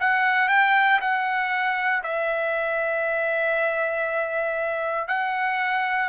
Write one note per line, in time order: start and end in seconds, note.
0.00 0.49 F#5
0.49 0.99 G5
1.01 2.03 F#5
2.03 5.08 E5
5.08 6.09 F#5